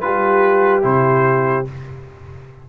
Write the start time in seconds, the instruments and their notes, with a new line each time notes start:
0.00 tuba G3, trombone F4, horn G4, trumpet B4
0.82 tuba C3, trombone E4, trumpet C5